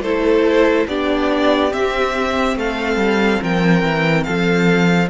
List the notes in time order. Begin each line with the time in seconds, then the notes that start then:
0.00 A3 E4 A4 C5
0.87 B3 D4 G4 D5
1.70 C4 E5
2.56 A3 A4 F5
2.96 G3
3.42 F3 A#4 G5
3.83 E3
4.23 F3 A4 F5